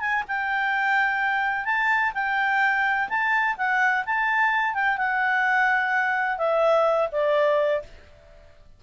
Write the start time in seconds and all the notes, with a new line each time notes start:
0.00 G#5
0.28 G5
1.65 A5
2.14 G5
3.09 A5
3.58 F#5
4.06 A5
4.74 G5
4.98 F#5
6.38 E5
7.12 D5